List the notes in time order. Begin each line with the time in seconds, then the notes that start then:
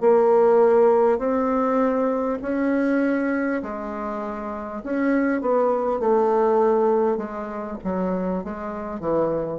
0.00 A#3
1.18 C4
2.42 C#4
3.62 G#3
4.83 C#4
5.41 B3
5.99 A3
7.17 G#3
7.83 F#3
8.43 G#3
9.00 E3